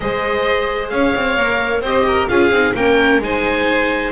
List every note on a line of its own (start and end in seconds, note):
0.00 0.91 G#3
0.00 1.37 G#4
0.00 0.92 C5
0.00 0.88 D#5
0.89 1.14 C#4
0.89 1.81 C#5
0.89 1.81 F5
1.15 1.37 C4
1.37 1.80 A#3
1.37 1.83 A#4
1.80 2.26 C4
1.80 2.29 G4
1.80 2.04 C5
1.80 2.28 D#5
2.07 2.29 A#4
2.28 2.49 C#4
2.28 2.52 F4
2.28 2.75 G#4
2.28 2.74 F5
2.49 2.72 C4
2.49 2.76 D#4
2.74 3.19 A#3
2.74 3.22 C#4
2.74 3.23 A#4
2.74 3.21 G5
3.19 4.10 G#3
3.19 4.12 D#4
3.19 4.12 C5
3.19 4.12 G#5